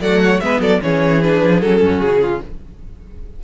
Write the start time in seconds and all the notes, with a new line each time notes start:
0.00 F#3 A3 D5 F#5
0.22 C#5
0.40 G#3 B3 B4 E5
0.59 F#3 A4 D5
0.82 E3 C#4 G#4 C#5
1.22 D4 B4
1.42 F3
1.60 F#3 C#4 A4
1.81 F#2 F#4
1.99 C#3 G#4
2.22 F4